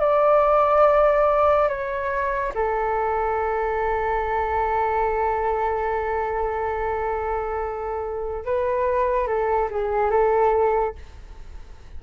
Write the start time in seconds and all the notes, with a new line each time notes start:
0.00 D5
1.68 C#5
2.54 A4
8.45 B4
9.27 A4
9.70 G#4
10.11 A4